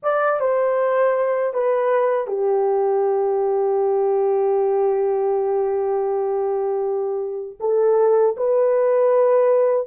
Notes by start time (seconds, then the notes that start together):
0.02 D5
0.40 C5
1.53 B4
2.27 G4
7.59 A4
8.36 B4